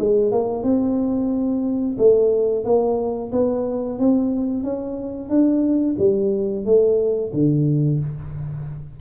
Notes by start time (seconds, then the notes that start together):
0.00 G#3
0.32 A#3
0.64 C4
1.98 A3
2.65 A#3
3.33 B3
3.99 C4
4.64 C#4
5.30 D4
5.99 G3
6.65 A3
7.33 D3